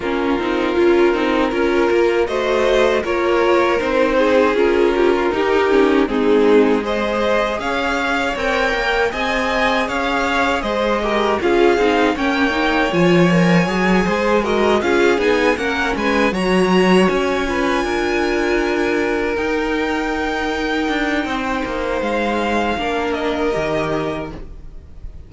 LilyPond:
<<
  \new Staff \with { instrumentName = "violin" } { \time 4/4 \tempo 4 = 79 ais'2. dis''4 | cis''4 c''4 ais'2 | gis'4 dis''4 f''4 g''4 | gis''4 f''4 dis''4 f''4 |
g''4 gis''2 dis''8 f''8 | gis''8 fis''8 gis''8 ais''4 gis''4.~ | gis''4. g''2~ g''8~ | g''4 f''4. dis''4. | }
  \new Staff \with { instrumentName = "violin" } { \time 4/4 f'2 ais'4 c''4 | ais'4. gis'4 g'16 f'16 g'4 | dis'4 c''4 cis''2 | dis''4 cis''4 c''8 ais'8 gis'4 |
cis''2~ cis''8 c''8 ais'8 gis'8~ | gis'8 ais'8 b'8 cis''4. b'8 ais'8~ | ais'1 | c''2 ais'2 | }
  \new Staff \with { instrumentName = "viola" } { \time 4/4 cis'8 dis'8 f'8 dis'8 f'4 fis'4 | f'4 dis'4 f'4 dis'8 cis'8 | c'4 gis'2 ais'4 | gis'2~ gis'8 g'8 f'8 dis'8 |
cis'8 dis'8 f'8 ais'8 gis'4 fis'8 f'8 | dis'8 cis'4 fis'4. f'4~ | f'4. dis'2~ dis'8~ | dis'2 d'4 g'4 | }
  \new Staff \with { instrumentName = "cello" } { \time 4/4 ais8 c'8 cis'8 c'8 cis'8 ais8 a4 | ais4 c'4 cis'4 dis'4 | gis2 cis'4 c'8 ais8 | c'4 cis'4 gis4 cis'8 c'8 |
ais4 f4 fis8 gis4 cis'8 | b8 ais8 gis8 fis4 cis'4 d'8~ | d'4. dis'2 d'8 | c'8 ais8 gis4 ais4 dis4 | }
>>